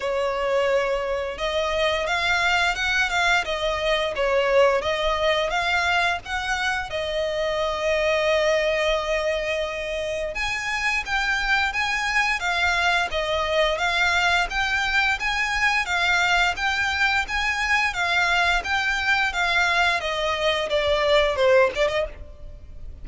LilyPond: \new Staff \with { instrumentName = "violin" } { \time 4/4 \tempo 4 = 87 cis''2 dis''4 f''4 | fis''8 f''8 dis''4 cis''4 dis''4 | f''4 fis''4 dis''2~ | dis''2. gis''4 |
g''4 gis''4 f''4 dis''4 | f''4 g''4 gis''4 f''4 | g''4 gis''4 f''4 g''4 | f''4 dis''4 d''4 c''8 d''16 dis''16 | }